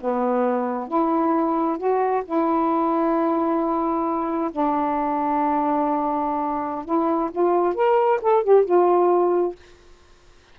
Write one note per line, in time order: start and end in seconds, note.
0.00 0.88 B3
0.88 1.78 E4
1.78 2.23 F#4
2.25 4.50 E4
4.51 6.85 D4
6.85 7.30 E4
7.31 7.74 F4
7.74 8.19 A#4
8.21 8.43 A4
8.43 8.65 G4
8.65 9.55 F4